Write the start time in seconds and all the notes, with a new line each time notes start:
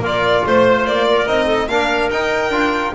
0.00 A#3 F4 A#4
0.06 D5
0.45 A3 C5
0.86 A#3 D5
1.09 A#4
1.27 C4 D#4 D#5
1.46 A4
1.68 A#3 D4 A#4 F5
2.10 D#4 G5
2.49 D4 F4